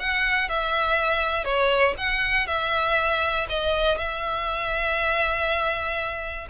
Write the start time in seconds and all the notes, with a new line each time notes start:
0.00 F#5
0.49 E5
1.45 C#5
1.98 F#5
2.47 E5
3.50 D#5
3.98 E5